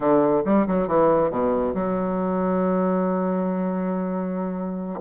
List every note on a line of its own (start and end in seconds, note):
0.00 0.42 D3
0.45 0.66 G3
0.67 0.87 F#3
0.87 1.30 E3
1.30 1.73 B2
1.74 5.00 F#3